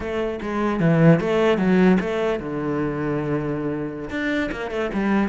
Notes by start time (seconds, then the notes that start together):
0.00 A3
0.42 G#3
0.80 E3
1.20 A3
1.58 F#3
2.00 A3
2.39 D3
4.10 D4
4.51 A#3
4.70 A3
4.93 G3